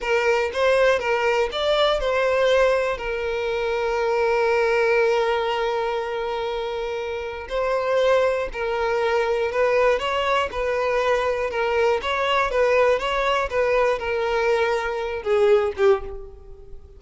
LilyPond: \new Staff \with { instrumentName = "violin" } { \time 4/4 \tempo 4 = 120 ais'4 c''4 ais'4 d''4 | c''2 ais'2~ | ais'1~ | ais'2. c''4~ |
c''4 ais'2 b'4 | cis''4 b'2 ais'4 | cis''4 b'4 cis''4 b'4 | ais'2~ ais'8 gis'4 g'8 | }